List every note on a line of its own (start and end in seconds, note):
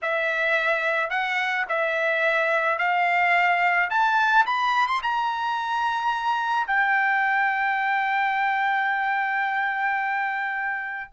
0.02 1.10 E5
1.10 1.65 F#5
1.68 2.78 E5
2.78 3.89 F5
3.90 4.45 A5
4.46 4.87 B5
4.87 5.01 C6
5.02 6.67 A#5
6.67 11.11 G5